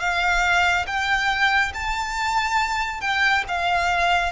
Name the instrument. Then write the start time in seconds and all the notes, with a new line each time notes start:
violin
0.00 F5
0.87 G5
1.74 A5
3.01 G5
3.48 F5